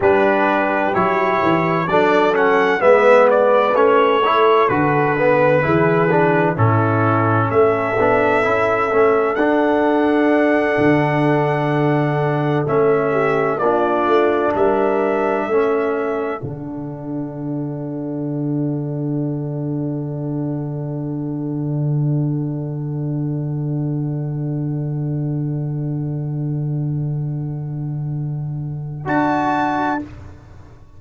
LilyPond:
<<
  \new Staff \with { instrumentName = "trumpet" } { \time 4/4 \tempo 4 = 64 b'4 cis''4 d''8 fis''8 e''8 d''8 | cis''4 b'2 a'4 | e''2 fis''2~ | fis''4. e''4 d''4 e''8~ |
e''4. fis''2~ fis''8~ | fis''1~ | fis''1~ | fis''2. a''4 | }
  \new Staff \with { instrumentName = "horn" } { \time 4/4 g'2 a'4 b'4~ | b'8 a'4. gis'4 e'4 | a'1~ | a'2 g'8 f'4 ais'8~ |
ais'8 a'2.~ a'8~ | a'1~ | a'1~ | a'1 | }
  \new Staff \with { instrumentName = "trombone" } { \time 4/4 d'4 e'4 d'8 cis'8 b4 | cis'8 e'8 fis'8 b8 e'8 d'8 cis'4~ | cis'8 d'8 e'8 cis'8 d'2~ | d'4. cis'4 d'4.~ |
d'8 cis'4 d'2~ d'8~ | d'1~ | d'1~ | d'2. fis'4 | }
  \new Staff \with { instrumentName = "tuba" } { \time 4/4 g4 fis8 e8 fis4 gis4 | a4 d4 e4 a,4 | a8 b8 cis'8 a8 d'4. d8~ | d4. a4 ais8 a8 g8~ |
g8 a4 d2~ d8~ | d1~ | d1~ | d2. d'4 | }
>>